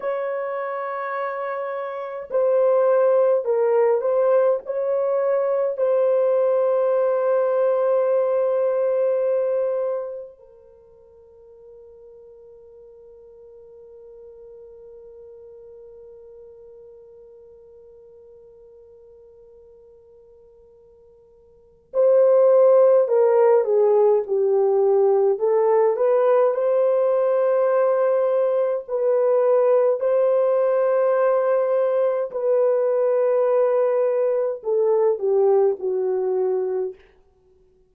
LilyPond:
\new Staff \with { instrumentName = "horn" } { \time 4/4 \tempo 4 = 52 cis''2 c''4 ais'8 c''8 | cis''4 c''2.~ | c''4 ais'2.~ | ais'1~ |
ais'2. c''4 | ais'8 gis'8 g'4 a'8 b'8 c''4~ | c''4 b'4 c''2 | b'2 a'8 g'8 fis'4 | }